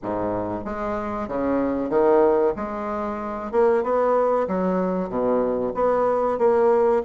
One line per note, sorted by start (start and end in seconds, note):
0.03 0.64 G#2
0.64 1.28 G#3
1.28 1.89 C#3
1.89 2.53 D#3
2.56 3.51 G#3
3.51 3.83 A#3
3.83 4.47 B3
4.47 5.09 F#3
5.09 5.72 B2
5.74 6.38 B3
6.38 7.02 A#3